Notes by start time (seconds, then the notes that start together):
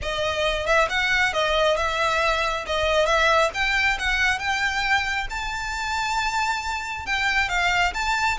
0.02 D#5
0.66 E5
0.89 F#5
1.33 D#5
1.76 E5
2.66 D#5
3.06 E5
3.54 G5
3.98 F#5
4.38 G5
5.29 A5
7.06 G5
7.49 F5
7.94 A5